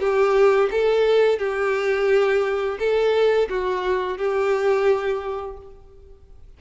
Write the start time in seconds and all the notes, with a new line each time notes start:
0.00 G4
0.71 A4
1.39 G4
2.79 A4
3.49 F#4
4.18 G4